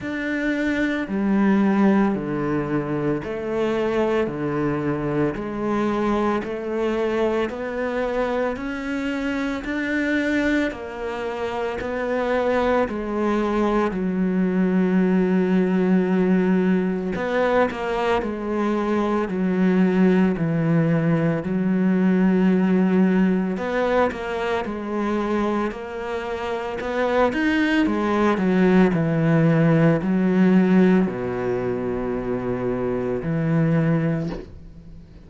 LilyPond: \new Staff \with { instrumentName = "cello" } { \time 4/4 \tempo 4 = 56 d'4 g4 d4 a4 | d4 gis4 a4 b4 | cis'4 d'4 ais4 b4 | gis4 fis2. |
b8 ais8 gis4 fis4 e4 | fis2 b8 ais8 gis4 | ais4 b8 dis'8 gis8 fis8 e4 | fis4 b,2 e4 | }